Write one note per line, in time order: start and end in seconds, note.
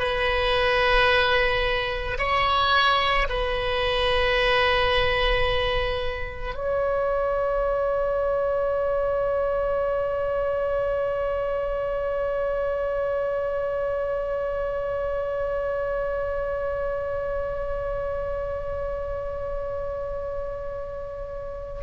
0.00 2.18 B4
2.19 3.28 C#5
3.30 6.56 B4
6.56 21.83 C#5